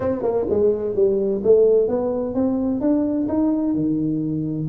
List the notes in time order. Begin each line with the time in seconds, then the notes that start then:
0.00 C4
0.22 A#3
0.49 G#3
0.95 G3
1.43 A3
1.87 B3
2.34 C4
2.80 D4
3.28 D#4
3.74 D#3